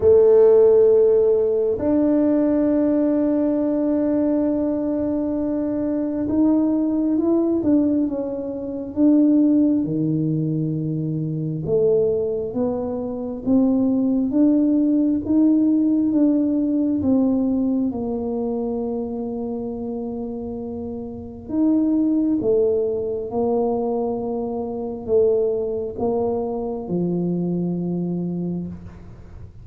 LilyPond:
\new Staff \with { instrumentName = "tuba" } { \time 4/4 \tempo 4 = 67 a2 d'2~ | d'2. dis'4 | e'8 d'8 cis'4 d'4 dis4~ | dis4 a4 b4 c'4 |
d'4 dis'4 d'4 c'4 | ais1 | dis'4 a4 ais2 | a4 ais4 f2 | }